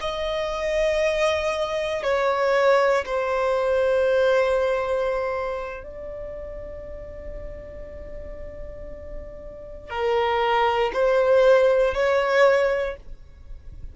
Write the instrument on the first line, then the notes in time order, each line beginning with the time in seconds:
violin
0.00 D#5
2.02 C#5
3.05 C5
5.83 D5
9.89 A#4
10.93 C5
11.94 C#5